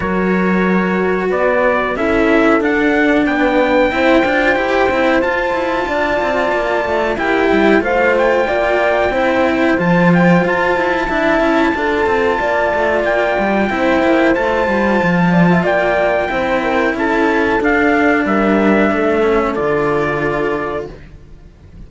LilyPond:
<<
  \new Staff \with { instrumentName = "trumpet" } { \time 4/4 \tempo 4 = 92 cis''2 d''4 e''4 | fis''4 g''2. | a''2. g''4 | f''8 g''2~ g''8 a''8 g''8 |
a''1 | g''2 a''2 | g''2 a''4 f''4 | e''2 d''2 | }
  \new Staff \with { instrumentName = "horn" } { \time 4/4 ais'2 b'4 a'4~ | a'4 b'4 c''2~ | c''4 d''2 g'4 | c''4 d''4 c''2~ |
c''4 e''4 a'4 d''4~ | d''4 c''2~ c''8 d''16 e''16 | d''4 c''8 ais'8 a'2 | ais'4 a'2. | }
  \new Staff \with { instrumentName = "cello" } { \time 4/4 fis'2. e'4 | d'2 e'8 f'8 g'8 e'8 | f'2. e'4 | f'2 e'4 f'4~ |
f'4 e'4 f'2~ | f'4 e'4 f'2~ | f'4 e'2 d'4~ | d'4. cis'8 f'2 | }
  \new Staff \with { instrumentName = "cello" } { \time 4/4 fis2 b4 cis'4 | d'4 b4 c'8 d'8 e'8 c'8 | f'8 e'8 d'8 c'8 ais8 a8 ais8 g8 | a4 ais4 c'4 f4 |
f'8 e'8 d'8 cis'8 d'8 c'8 ais8 a8 | ais8 g8 c'8 ais8 a8 g8 f4 | ais4 c'4 cis'4 d'4 | g4 a4 d2 | }
>>